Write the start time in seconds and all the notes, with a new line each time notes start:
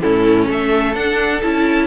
0.00 A2 C#4 E4 A4
0.46 A3 A4 E5
0.94 D4 F#5
1.42 C#4 E4 A5